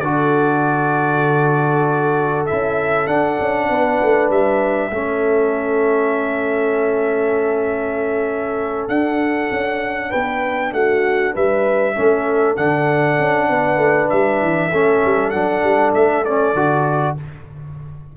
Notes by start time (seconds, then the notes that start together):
0.00 D3 F#4 A4 D5
2.46 C#4 E4 E5
3.07 D4 F#5
3.40 C#4
3.69 B3 B4
4.03 A3
4.30 G3 E5
4.90 A3 C#4 A4
8.88 D4 F#5
9.51 C#4
10.09 B3 B4 G5
10.73 A3 F#4 F#5
11.33 G3 B4 E5
11.95 A3 C#4 A4
12.56 D3 D4 F#5
13.19 C#4
13.49 B3 B4
13.77 A3
14.09 G3 E5
14.42 E3
14.71 A3 C#4 A4
15.04 G3
15.30 F#3 D4 F#5
15.63 G3
15.94 A3 E5
16.25 C#4 D5
16.54 D3 F#4